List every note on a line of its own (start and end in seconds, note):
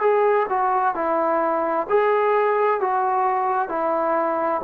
0.00 0.46 G#4
0.49 0.94 F#4
0.94 1.87 E4
1.89 2.80 G#4
2.80 3.68 F#4
3.68 4.61 E4